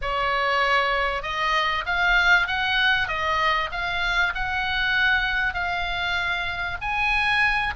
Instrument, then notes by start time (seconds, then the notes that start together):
oboe
0.01 C#5
1.22 D#5
1.86 F5
2.47 F#5
3.08 D#5
3.71 F5
4.34 F#5
5.54 F5
6.81 G#5